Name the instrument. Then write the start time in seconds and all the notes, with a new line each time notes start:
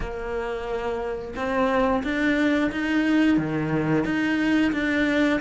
cello
0.00 A#3
1.35 C4
2.03 D4
2.72 D#4
3.37 D#3
4.04 D#4
4.72 D4